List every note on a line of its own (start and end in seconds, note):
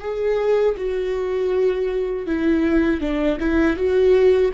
0.00 0.75 G#4
0.76 2.26 F#4
2.26 3.00 E4
3.00 3.38 D4
3.40 3.76 E4
3.76 4.51 F#4